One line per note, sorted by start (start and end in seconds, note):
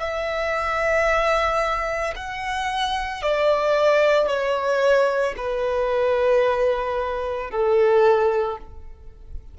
0.00 2.14 E5
2.16 3.22 F#5
3.22 4.28 D5
4.28 5.35 C#5
5.37 7.51 B4
7.51 8.58 A4